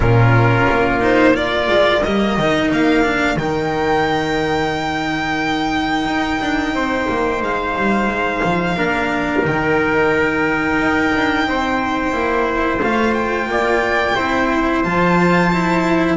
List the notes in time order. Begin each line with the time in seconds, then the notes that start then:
0.00 A#2 C#4 F4 A#4
0.70 A#3
1.00 D#4 C5
1.33 F4 A#4 D5
1.68 G#3
2.03 G3 A#3 D#5
2.37 D#3 D#4
2.71 A#3 F5
3.03 D4
3.36 D#3 D#4 G5
6.05 D#4
6.41 D4
6.73 C4 C5
7.08 A#3
7.42 G#3 F5
7.76 G3
8.07 G#3
8.43 F3
8.76 A#3 D4 A#4
9.43 D#3 D#4 G5
10.78 D#4
11.15 D4
11.47 C4 C5
12.11 A#3 E4
12.81 A3 F4 F5
13.14 G5
13.46 A#3 D5
14.15 C4 E4 C5
14.83 F3 F4 A5
15.52 E4